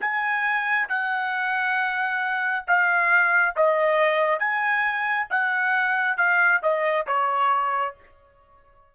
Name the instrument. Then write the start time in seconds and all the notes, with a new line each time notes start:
trumpet
0.00 G#5
0.89 F#5
2.67 F5
3.56 D#5
4.39 G#5
5.30 F#5
6.17 F5
6.62 D#5
7.06 C#5